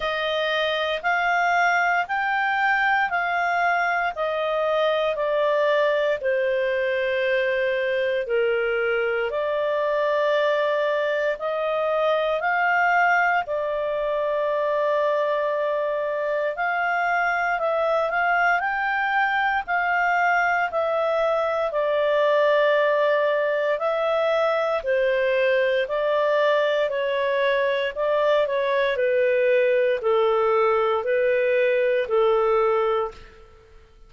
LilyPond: \new Staff \with { instrumentName = "clarinet" } { \time 4/4 \tempo 4 = 58 dis''4 f''4 g''4 f''4 | dis''4 d''4 c''2 | ais'4 d''2 dis''4 | f''4 d''2. |
f''4 e''8 f''8 g''4 f''4 | e''4 d''2 e''4 | c''4 d''4 cis''4 d''8 cis''8 | b'4 a'4 b'4 a'4 | }